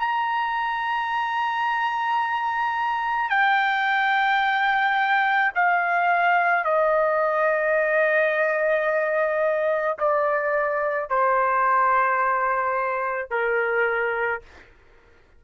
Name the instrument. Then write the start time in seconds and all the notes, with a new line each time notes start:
trumpet
0.00 A#5
3.30 G5
5.55 F5
6.65 D#5
9.99 D5
11.10 C5
13.31 A#4